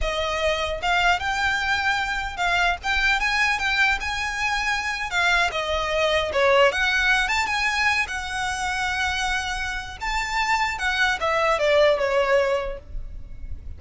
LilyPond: \new Staff \with { instrumentName = "violin" } { \time 4/4 \tempo 4 = 150 dis''2 f''4 g''4~ | g''2 f''4 g''4 | gis''4 g''4 gis''2~ | gis''8. f''4 dis''2 cis''16~ |
cis''8. fis''4. a''8 gis''4~ gis''16~ | gis''16 fis''2.~ fis''8.~ | fis''4 a''2 fis''4 | e''4 d''4 cis''2 | }